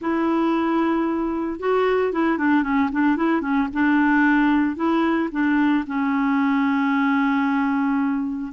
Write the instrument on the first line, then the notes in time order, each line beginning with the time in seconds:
clarinet
0.01 E4
1.59 F#4
2.12 E4
2.38 D4
2.63 C#4
2.92 D4
3.16 E4
3.41 C#4
3.73 D4
4.76 E4
5.31 D4
5.86 C#4